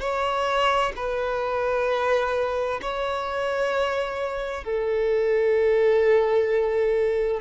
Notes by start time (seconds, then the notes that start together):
0.00 C#5
0.96 B4
2.82 C#5
4.64 A4